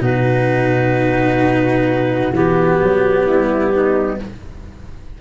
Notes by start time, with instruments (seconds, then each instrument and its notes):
0.00 tuba B2, cello D#4, flute F#4, clarinet B4
2.32 tuba E3, cello B3, clarinet G4
2.82 tuba F#3
3.25 tuba G3, flute E4
3.74 flute D#4